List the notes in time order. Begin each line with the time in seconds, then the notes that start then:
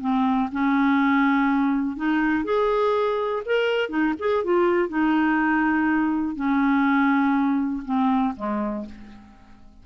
0.00 C4
0.52 C#4
1.96 D#4
2.44 G#4
3.45 A#4
3.89 D#4
4.19 G#4
4.44 F4
4.89 D#4
6.36 C#4
7.85 C4
8.36 G#3